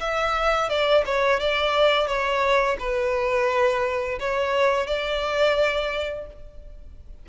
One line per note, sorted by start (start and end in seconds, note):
0.00 0.69 E5
0.69 1.04 D5
1.06 1.40 C#5
1.40 2.07 D5
2.07 2.77 C#5
2.79 4.19 B4
4.20 4.87 C#5
4.87 6.26 D5